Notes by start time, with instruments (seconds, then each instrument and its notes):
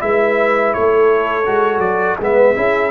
0.00 tuba G#3, trombone E4, horn B4, trumpet E5
0.74 tuba A3, horn A4, trumpet C#5
1.46 tuba G#3, trombone F#4
1.79 tuba F#3, trumpet D5
2.20 tuba G#3, trombone B3, horn B4, trumpet E5
2.56 tuba C#4, trombone E4, horn G#4